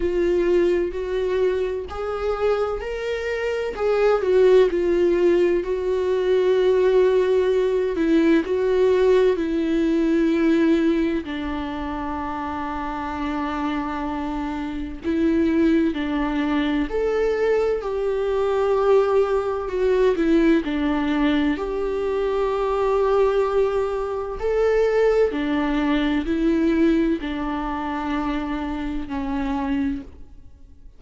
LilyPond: \new Staff \with { instrumentName = "viola" } { \time 4/4 \tempo 4 = 64 f'4 fis'4 gis'4 ais'4 | gis'8 fis'8 f'4 fis'2~ | fis'8 e'8 fis'4 e'2 | d'1 |
e'4 d'4 a'4 g'4~ | g'4 fis'8 e'8 d'4 g'4~ | g'2 a'4 d'4 | e'4 d'2 cis'4 | }